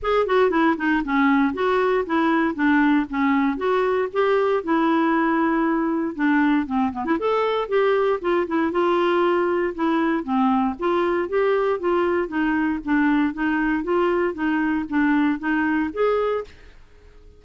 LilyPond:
\new Staff \with { instrumentName = "clarinet" } { \time 4/4 \tempo 4 = 117 gis'8 fis'8 e'8 dis'8 cis'4 fis'4 | e'4 d'4 cis'4 fis'4 | g'4 e'2. | d'4 c'8 b16 e'16 a'4 g'4 |
f'8 e'8 f'2 e'4 | c'4 f'4 g'4 f'4 | dis'4 d'4 dis'4 f'4 | dis'4 d'4 dis'4 gis'4 | }